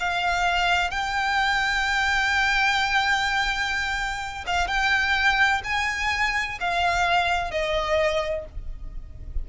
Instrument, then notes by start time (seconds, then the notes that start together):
violin
0.00 F5
0.90 G5
4.47 F5
4.67 G5
5.64 G#5
6.60 F5
7.51 D#5